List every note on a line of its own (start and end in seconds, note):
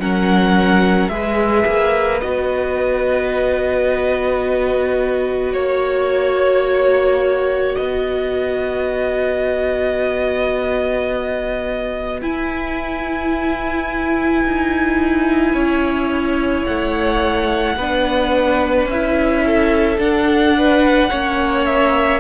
0.00 1.09 F#3
0.00 1.10 C#4
0.00 1.12 A#4
0.00 1.09 F#5
1.09 1.65 G#3
1.09 2.22 G#4
1.09 5.55 B4
1.09 2.20 E5
1.66 2.22 A#3
2.21 5.53 B3
2.21 12.22 F#4
2.21 5.53 D#5
5.53 7.76 A#3
5.53 7.76 C#5
7.76 12.22 B3
7.76 15.53 B4
7.76 12.20 D#5
12.22 17.78 E4
12.22 14.45 E4
12.22 16.66 G#5
14.45 15.54 D#4
15.53 16.65 C#4
15.53 17.76 C#5
16.66 17.77 A3
16.66 18.88 F#5
17.77 18.86 B3
17.77 18.91 D4
17.77 19.45 B4
18.86 19.97 C#4
18.86 20.00 E5
18.93 19.98 E4
19.46 20.57 A4
19.98 21.09 D4
19.98 21.11 D4
19.98 21.66 F#5
20.58 21.10 B4
21.10 22.20 A#3
21.10 22.20 C#4
21.10 22.20 C#5
21.66 22.20 E5